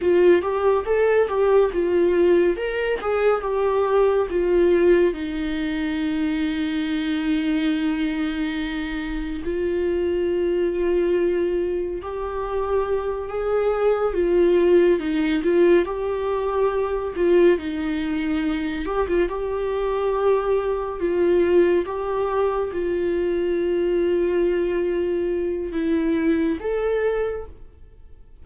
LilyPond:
\new Staff \with { instrumentName = "viola" } { \time 4/4 \tempo 4 = 70 f'8 g'8 a'8 g'8 f'4 ais'8 gis'8 | g'4 f'4 dis'2~ | dis'2. f'4~ | f'2 g'4. gis'8~ |
gis'8 f'4 dis'8 f'8 g'4. | f'8 dis'4. g'16 f'16 g'4.~ | g'8 f'4 g'4 f'4.~ | f'2 e'4 a'4 | }